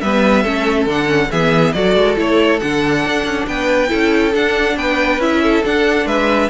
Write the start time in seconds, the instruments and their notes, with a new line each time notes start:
0.00 cello G3, viola B3, violin B4 E5
0.42 cello A3, viola C#4, violin A4
0.86 cello D3, viola D4, violin F#5
1.06 viola C#4
1.31 cello E3, viola B3, violin G#4 E5
1.72 cello F#3, viola F#4, violin A4 D5
1.95 cello G#3
2.15 cello A3, viola E4, violin C#5
2.60 cello D3, viola D4, violin F#5
3.05 cello D4
3.24 cello C#4
3.46 cello B3, violin B4 G5
3.87 cello C#4, viola E4, violin A4
4.34 viola D4, cello D4, violin F#5
4.76 cello B3, violin B4 G5
5.17 cello C#4, viola E4, violin E5
5.42 violin A4
5.64 viola D4, cello D4, violin F#5
6.05 cello G#3, violin B4 E5